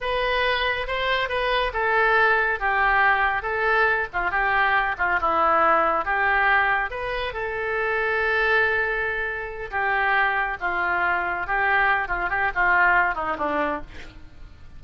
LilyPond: \new Staff \with { instrumentName = "oboe" } { \time 4/4 \tempo 4 = 139 b'2 c''4 b'4 | a'2 g'2 | a'4. f'8 g'4. f'8 | e'2 g'2 |
b'4 a'2.~ | a'2~ a'8 g'4.~ | g'8 f'2 g'4. | f'8 g'8 f'4. dis'8 d'4 | }